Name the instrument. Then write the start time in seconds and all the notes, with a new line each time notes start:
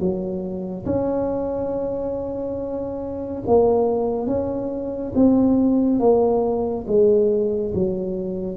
tuba
0.00 F#3
0.86 C#4
3.47 A#3
4.27 C#4
5.15 C4
6.00 A#3
6.88 G#3
7.75 F#3